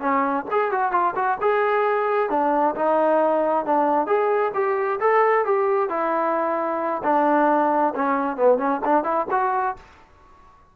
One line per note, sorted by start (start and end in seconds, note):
0.00 0.45 C#4
0.51 0.71 G#4
0.71 0.92 F#4
0.92 1.14 F4
1.15 1.38 F#4
1.41 2.30 G#4
2.30 2.75 D4
2.75 3.65 D#4
3.65 4.07 D4
4.07 4.52 G#4
4.54 5.00 G4
5.00 5.45 A4
5.45 5.90 G4
5.90 7.02 E4
7.04 7.94 D4
7.95 8.37 C#4
8.37 8.58 B3
8.58 8.81 C#4
8.84 9.04 D4
9.04 9.26 E4
9.31 9.76 F#4